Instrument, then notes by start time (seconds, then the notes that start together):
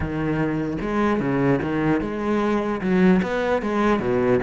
cello
0.00 D#3
0.81 G#3
1.19 C#3
1.62 D#3
2.01 G#3
2.81 F#3
3.22 B3
3.62 G#3
3.99 B2